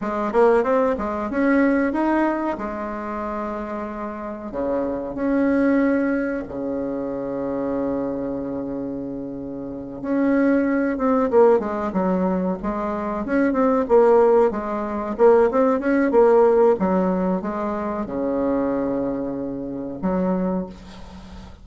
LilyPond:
\new Staff \with { instrumentName = "bassoon" } { \time 4/4 \tempo 4 = 93 gis8 ais8 c'8 gis8 cis'4 dis'4 | gis2. cis4 | cis'2 cis2~ | cis2.~ cis8 cis'8~ |
cis'4 c'8 ais8 gis8 fis4 gis8~ | gis8 cis'8 c'8 ais4 gis4 ais8 | c'8 cis'8 ais4 fis4 gis4 | cis2. fis4 | }